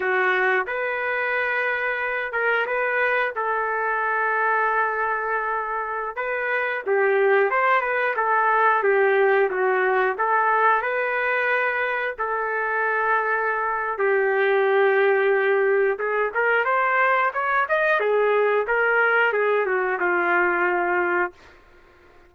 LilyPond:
\new Staff \with { instrumentName = "trumpet" } { \time 4/4 \tempo 4 = 90 fis'4 b'2~ b'8 ais'8 | b'4 a'2.~ | a'4~ a'16 b'4 g'4 c''8 b'16~ | b'16 a'4 g'4 fis'4 a'8.~ |
a'16 b'2 a'4.~ a'16~ | a'4 g'2. | gis'8 ais'8 c''4 cis''8 dis''8 gis'4 | ais'4 gis'8 fis'8 f'2 | }